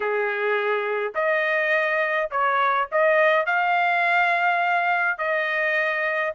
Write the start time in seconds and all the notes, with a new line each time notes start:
0.00 G#4
1.14 D#5
2.31 C#5
2.91 D#5
3.46 F5
5.18 D#5